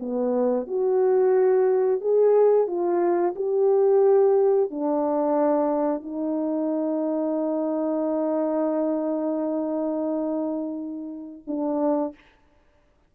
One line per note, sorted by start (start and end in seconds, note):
0.00 0.67 B3
0.68 2.01 F#4
2.01 2.68 G#4
2.68 3.35 F4
3.36 4.71 G4
4.71 6.03 D4
6.03 11.42 D#4
11.48 12.15 D4